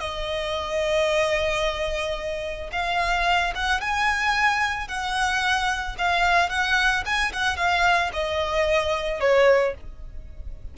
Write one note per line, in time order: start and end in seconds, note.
0.00 2.70 D#5
2.72 3.53 F5
3.55 3.81 F#5
3.81 4.88 G#5
4.88 5.96 F#5
5.98 6.50 F5
6.50 7.04 F#5
7.05 7.32 G#5
7.32 7.57 F#5
7.57 8.11 F5
8.13 9.20 D#5
9.20 9.74 C#5